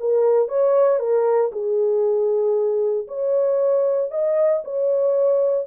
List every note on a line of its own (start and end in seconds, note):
0.00 0.49 A#4
0.49 0.99 C#5
0.99 1.51 A#4
1.52 3.07 G#4
3.08 4.11 C#5
4.11 4.63 D#5
4.65 5.67 C#5